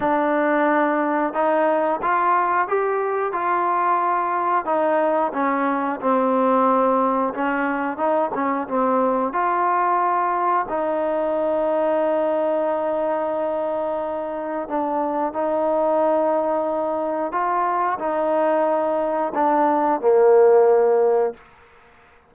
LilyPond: \new Staff \with { instrumentName = "trombone" } { \time 4/4 \tempo 4 = 90 d'2 dis'4 f'4 | g'4 f'2 dis'4 | cis'4 c'2 cis'4 | dis'8 cis'8 c'4 f'2 |
dis'1~ | dis'2 d'4 dis'4~ | dis'2 f'4 dis'4~ | dis'4 d'4 ais2 | }